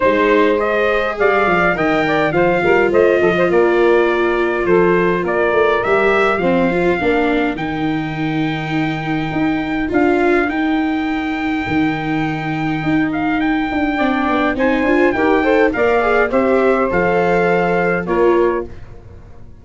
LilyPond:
<<
  \new Staff \with { instrumentName = "trumpet" } { \time 4/4 \tempo 4 = 103 c''4 dis''4 f''4 g''4 | f''4 dis''4 d''2 | c''4 d''4 e''4 f''4~ | f''4 g''2.~ |
g''4 f''4 g''2~ | g''2~ g''8 f''8 g''4~ | g''4 gis''4 g''4 f''4 | e''4 f''2 cis''4 | }
  \new Staff \with { instrumentName = "saxophone" } { \time 4/4 c''2 d''4 dis''8 d''8 | c''8 ais'8 c''8 a'16 c''16 ais'2 | a'4 ais'2 c''4 | ais'1~ |
ais'1~ | ais'1 | d''4 c''4 ais'8 c''8 d''4 | c''2. ais'4 | }
  \new Staff \with { instrumentName = "viola" } { \time 4/4 dis'4 gis'2 ais'4 | f'1~ | f'2 g'4 c'8 f'8 | d'4 dis'2.~ |
dis'4 f'4 dis'2~ | dis'1 | d'4 dis'8 f'8 g'8 a'8 ais'8 gis'8 | g'4 a'2 f'4 | }
  \new Staff \with { instrumentName = "tuba" } { \time 4/4 gis2 g8 f8 dis4 | f8 g8 a8 f8 ais2 | f4 ais8 a8 g4 f4 | ais4 dis2. |
dis'4 d'4 dis'2 | dis2 dis'4. d'8 | c'8 b8 c'8 d'8 dis'4 ais4 | c'4 f2 ais4 | }
>>